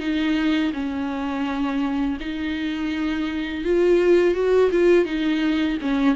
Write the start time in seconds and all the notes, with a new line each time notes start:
0.00 D#4
0.74 C#4
2.20 D#4
3.65 F4
4.35 F#4
4.72 F4
5.06 D#4
5.82 C#4